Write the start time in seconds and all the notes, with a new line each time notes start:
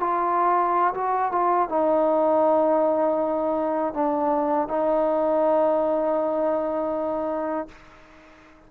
0.00 F4
0.94 F#4
1.32 F4
1.69 D#4
3.94 D4
4.68 D#4